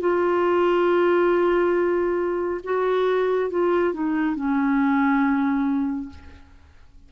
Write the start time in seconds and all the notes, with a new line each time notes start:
0.00 F4
2.64 F#4
3.50 F4
3.93 D#4
4.36 C#4